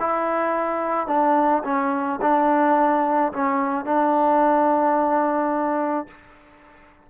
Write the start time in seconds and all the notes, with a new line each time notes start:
0.00 E4
1.08 D4
1.64 C#4
2.22 D4
3.33 C#4
3.86 D4